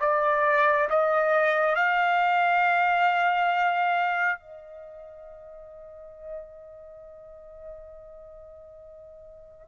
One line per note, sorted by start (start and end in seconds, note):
0.00 0.88 D5
0.89 1.75 D#5
1.75 4.40 F5
4.40 9.67 D#5